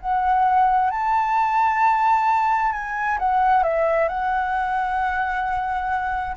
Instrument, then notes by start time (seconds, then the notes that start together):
flute
0.00 F#5
0.90 A5
2.72 G#5
3.18 F#5
3.63 E5
4.08 F#5